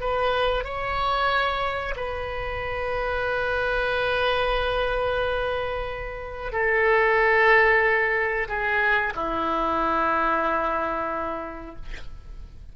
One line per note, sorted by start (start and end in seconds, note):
0.00 0.64 B4
0.64 1.94 C#5
1.96 6.52 B4
6.52 8.48 A4
8.48 9.13 G#4
9.15 11.76 E4